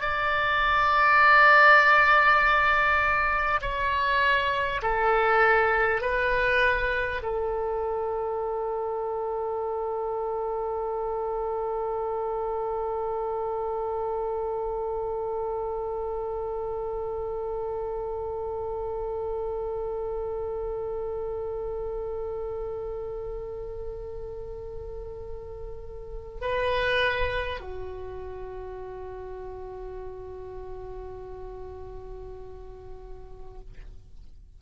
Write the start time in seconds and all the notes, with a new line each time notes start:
0.00 D5
3.61 C#5
4.82 A4
6.01 B4
7.22 A4
26.41 B4
27.60 F#4